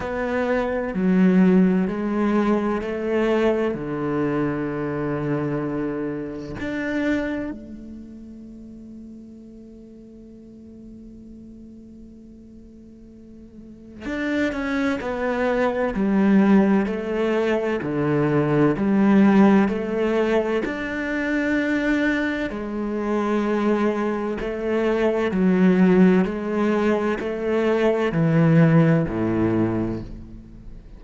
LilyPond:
\new Staff \with { instrumentName = "cello" } { \time 4/4 \tempo 4 = 64 b4 fis4 gis4 a4 | d2. d'4 | a1~ | a2. d'8 cis'8 |
b4 g4 a4 d4 | g4 a4 d'2 | gis2 a4 fis4 | gis4 a4 e4 a,4 | }